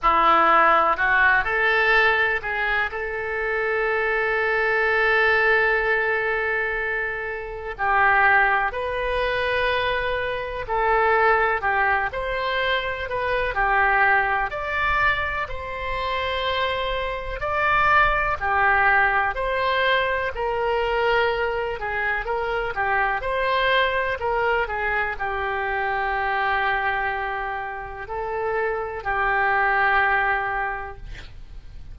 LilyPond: \new Staff \with { instrumentName = "oboe" } { \time 4/4 \tempo 4 = 62 e'4 fis'8 a'4 gis'8 a'4~ | a'1 | g'4 b'2 a'4 | g'8 c''4 b'8 g'4 d''4 |
c''2 d''4 g'4 | c''4 ais'4. gis'8 ais'8 g'8 | c''4 ais'8 gis'8 g'2~ | g'4 a'4 g'2 | }